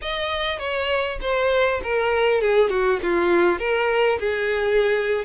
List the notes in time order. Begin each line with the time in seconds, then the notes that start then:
0.01 D#5
0.58 C#5
1.21 C5
1.83 A#4
2.41 G#4
2.69 F#4
3.02 F4
3.58 A#4
4.19 G#4